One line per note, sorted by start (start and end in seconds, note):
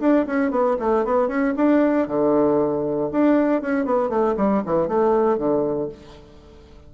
0.00 0.26 D4
0.26 0.51 C#4
0.51 0.76 B3
0.79 1.05 A3
1.05 1.28 B3
1.28 1.54 C#4
1.56 2.07 D4
2.07 3.10 D3
3.12 3.62 D4
3.62 3.85 C#4
3.85 4.09 B3
4.09 4.35 A3
4.37 4.62 G3
4.65 4.87 E3
4.87 5.38 A3
5.38 5.89 D3